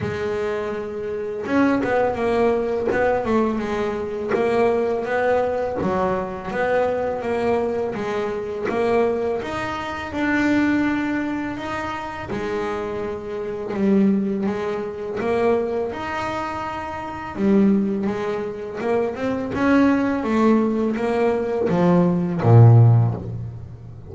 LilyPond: \new Staff \with { instrumentName = "double bass" } { \time 4/4 \tempo 4 = 83 gis2 cis'8 b8 ais4 | b8 a8 gis4 ais4 b4 | fis4 b4 ais4 gis4 | ais4 dis'4 d'2 |
dis'4 gis2 g4 | gis4 ais4 dis'2 | g4 gis4 ais8 c'8 cis'4 | a4 ais4 f4 ais,4 | }